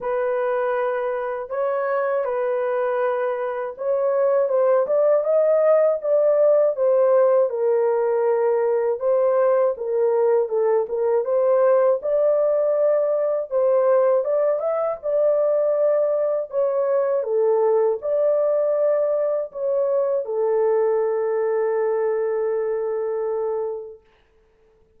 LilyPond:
\new Staff \with { instrumentName = "horn" } { \time 4/4 \tempo 4 = 80 b'2 cis''4 b'4~ | b'4 cis''4 c''8 d''8 dis''4 | d''4 c''4 ais'2 | c''4 ais'4 a'8 ais'8 c''4 |
d''2 c''4 d''8 e''8 | d''2 cis''4 a'4 | d''2 cis''4 a'4~ | a'1 | }